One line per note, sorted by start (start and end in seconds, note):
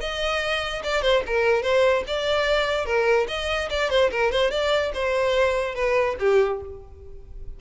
0.00 0.82 D#5
0.83 1.02 D5
1.02 1.22 C5
1.26 1.62 A#4
1.62 2.03 C5
2.07 2.85 D5
2.85 3.26 A#4
3.28 3.69 D#5
3.70 3.90 D5
3.90 4.10 C5
4.11 4.31 A#4
4.31 4.51 C5
4.51 4.92 D5
4.94 5.75 C5
5.75 6.16 B4
6.19 6.60 G4